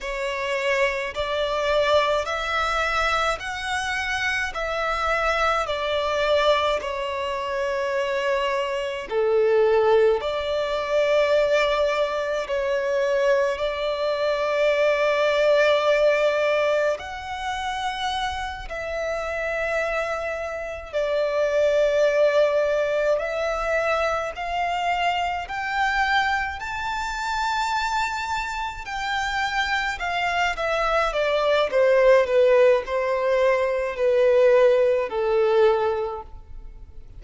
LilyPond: \new Staff \with { instrumentName = "violin" } { \time 4/4 \tempo 4 = 53 cis''4 d''4 e''4 fis''4 | e''4 d''4 cis''2 | a'4 d''2 cis''4 | d''2. fis''4~ |
fis''8 e''2 d''4.~ | d''8 e''4 f''4 g''4 a''8~ | a''4. g''4 f''8 e''8 d''8 | c''8 b'8 c''4 b'4 a'4 | }